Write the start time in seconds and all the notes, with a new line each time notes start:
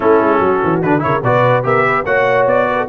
0.00 A3 C#4 E4 A4
0.20 G#3
0.39 F#3 F#4
0.63 E3
0.82 D3 D4 B4
0.99 C#3 E4 A#4 C#5
1.23 B2 F#4 B4 D5
1.63 B3 G4 A#4 E5
1.86 B4
2.05 A#3 F#4 C#5 F#5
2.45 B3 D5
2.70 B4
2.77 A4